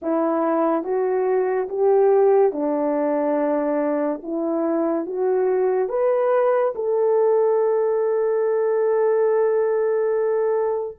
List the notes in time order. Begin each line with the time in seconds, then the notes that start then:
0.02 E4
0.83 F#4
1.68 G4
2.52 D4
4.23 E4
5.06 F#4
5.88 B4
6.75 A4